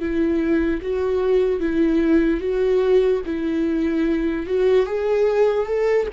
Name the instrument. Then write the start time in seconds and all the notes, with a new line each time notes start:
viola
0.00 E4
0.82 F#4
1.60 E4
2.40 F#4
3.25 E4
4.47 F#4
4.86 G#4
5.66 A4